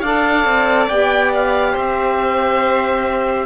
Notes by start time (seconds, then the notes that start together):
0.00 D4 A4 D5 F5
0.45 C4
0.88 B3 G4 G5
1.34 F5
1.72 C4 C5 E5